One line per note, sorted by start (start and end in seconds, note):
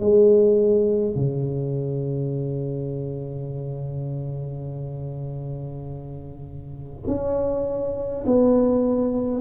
0.00 1.15 G#3
1.15 7.03 C#3
7.07 8.25 C#4
8.26 9.41 B3